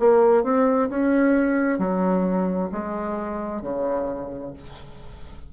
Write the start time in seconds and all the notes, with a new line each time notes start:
0.00 A#3
0.44 C4
0.90 C#4
1.79 F#3
2.72 G#3
3.62 C#3